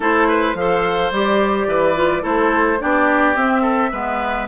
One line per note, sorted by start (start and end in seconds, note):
0.00 0.54 A3
0.00 0.55 E4
0.00 0.27 A4
0.00 0.56 C5
0.27 0.55 B4
0.54 1.10 F3
0.54 1.13 A4
0.54 1.68 C5
0.54 1.12 F5
1.11 1.66 G3
1.11 1.95 G4
1.11 2.25 D5
1.66 2.22 E3
1.66 2.22 B4
1.95 2.21 F4
2.21 2.80 A3
2.21 2.77 E4
2.21 2.78 A4
2.21 2.81 C5
2.79 3.36 B3
2.79 3.35 D4
2.79 3.61 G4
2.79 3.36 D5
3.35 3.91 C4
3.35 3.92 C4
3.35 4.47 E5
3.61 3.89 A4
3.92 4.47 G#3
3.92 4.47 B3
3.92 4.47 B4